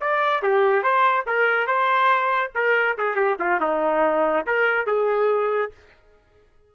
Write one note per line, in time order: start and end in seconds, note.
0.00 0.42 D5
0.42 0.83 G4
0.83 1.25 C5
1.26 1.67 A#4
1.67 2.52 C5
2.55 2.97 A#4
2.97 3.15 G#4
3.15 3.37 G4
3.39 3.60 F4
3.60 4.45 D#4
4.46 4.86 A#4
4.86 5.71 G#4